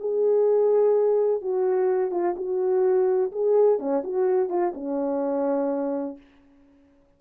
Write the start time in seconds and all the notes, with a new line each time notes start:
0.00 G#4
1.42 F#4
2.11 F4
2.36 F#4
3.32 G#4
3.79 C#4
4.04 F#4
4.49 F4
4.74 C#4